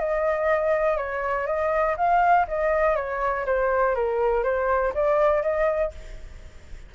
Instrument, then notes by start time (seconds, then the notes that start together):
flute
0.00 D#5
0.97 C#5
1.47 D#5
1.97 F5
2.48 D#5
2.96 C#5
3.46 C5
3.96 A#4
4.44 C5
4.95 D5
5.43 D#5